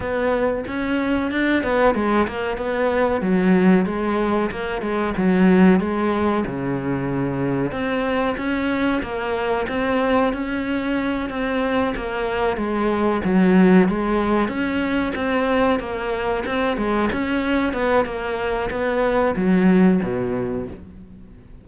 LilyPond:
\new Staff \with { instrumentName = "cello" } { \time 4/4 \tempo 4 = 93 b4 cis'4 d'8 b8 gis8 ais8 | b4 fis4 gis4 ais8 gis8 | fis4 gis4 cis2 | c'4 cis'4 ais4 c'4 |
cis'4. c'4 ais4 gis8~ | gis8 fis4 gis4 cis'4 c'8~ | c'8 ais4 c'8 gis8 cis'4 b8 | ais4 b4 fis4 b,4 | }